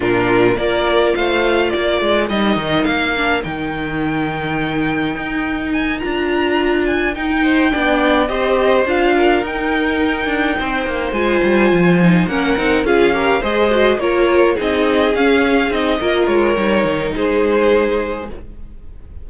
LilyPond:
<<
  \new Staff \with { instrumentName = "violin" } { \time 4/4 \tempo 4 = 105 ais'4 d''4 f''4 d''4 | dis''4 f''4 g''2~ | g''2 gis''8 ais''4. | gis''8 g''2 dis''4 f''8~ |
f''8 g''2. gis''8~ | gis''4. fis''4 f''4 dis''8~ | dis''8 cis''4 dis''4 f''4 dis''8~ | dis''8 cis''4. c''2 | }
  \new Staff \with { instrumentName = "violin" } { \time 4/4 f'4 ais'4 c''4 ais'4~ | ais'1~ | ais'1~ | ais'4 c''8 d''4 c''4. |
ais'2~ ais'8 c''4.~ | c''4. ais'4 gis'8 ais'8 c''8~ | c''8 ais'4 gis'2~ gis'8 | ais'2 gis'2 | }
  \new Staff \with { instrumentName = "viola" } { \time 4/4 d'4 f'2. | dis'4. d'8 dis'2~ | dis'2~ dis'8 f'4.~ | f'8 dis'4 d'4 g'4 f'8~ |
f'8 dis'2. f'8~ | f'4 dis'8 cis'8 dis'8 f'8 g'8 gis'8 | fis'8 f'4 dis'4 cis'4 dis'8 | f'4 dis'2. | }
  \new Staff \with { instrumentName = "cello" } { \time 4/4 ais,4 ais4 a4 ais8 gis8 | g8 dis8 ais4 dis2~ | dis4 dis'4. d'4.~ | d'8 dis'4 b4 c'4 d'8~ |
d'8 dis'4. d'8 c'8 ais8 gis8 | g8 f4 ais8 c'8 cis'4 gis8~ | gis8 ais4 c'4 cis'4 c'8 | ais8 gis8 g8 dis8 gis2 | }
>>